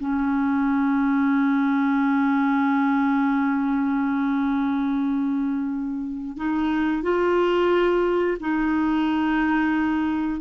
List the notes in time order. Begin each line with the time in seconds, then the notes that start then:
0.00 C#4
6.37 D#4
7.03 F4
8.41 D#4